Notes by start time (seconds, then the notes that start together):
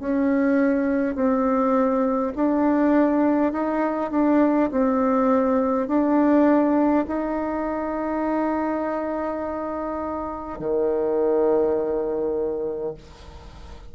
0.00 C#4
1.16 C4
2.36 D4
3.53 D#4
4.11 D4
4.72 C4
5.88 D4
7.08 D#4
10.59 D#3